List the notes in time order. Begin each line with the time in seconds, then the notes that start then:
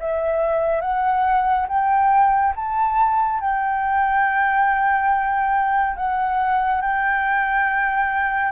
0.00 E5
0.81 F#5
1.68 G5
2.56 A5
3.40 G5
5.96 F#5
6.81 G5